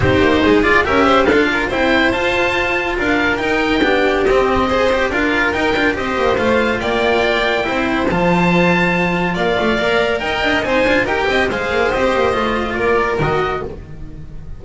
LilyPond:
<<
  \new Staff \with { instrumentName = "oboe" } { \time 4/4 \tempo 4 = 141 c''4. d''8 e''4 f''4 | g''4 a''2 f''4 | g''2 dis''2 | f''4 g''4 dis''4 f''4 |
g''2. a''4~ | a''2 f''2 | g''4 gis''4 g''4 f''4 | dis''2 d''4 dis''4 | }
  \new Staff \with { instrumentName = "violin" } { \time 4/4 g'4 gis'4 ais'8 c''8 a'8 ais'8 | c''2. ais'4~ | ais'4 g'2 c''4 | ais'2 c''2 |
d''2 c''2~ | c''2 d''2 | dis''4 c''4 ais'8 dis''8 c''4~ | c''2 ais'2 | }
  \new Staff \with { instrumentName = "cello" } { \time 4/4 dis'4. f'8 g'4 f'4 | e'4 f'2. | dis'4 d'4 c'4 gis'8 g'8 | f'4 dis'8 f'8 g'4 f'4~ |
f'2 e'4 f'4~ | f'2. ais'4~ | ais'4 dis'8 f'8 g'4 gis'4 | g'4 f'2 fis'4 | }
  \new Staff \with { instrumentName = "double bass" } { \time 4/4 c'8 ais8 gis4 cis'4 d'4 | c'4 f'2 d'4 | dis'4 b4 c'2 | d'4 dis'8 d'8 c'8 ais8 a4 |
ais2 c'4 f4~ | f2 ais8 a8 ais4 | dis'8 d'8 c'8 d'8 dis'8 c'8 gis8 ais8 | c'8 ais8 a4 ais4 dis4 | }
>>